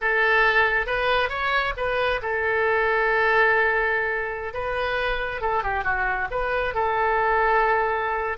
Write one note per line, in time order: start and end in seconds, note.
0.01 0.86 A4
0.86 1.29 B4
1.29 1.73 C#5
1.76 2.21 B4
2.22 4.53 A4
4.53 5.41 B4
5.41 5.63 A4
5.63 5.84 G4
5.84 6.28 F#4
6.30 6.74 B4
6.74 8.37 A4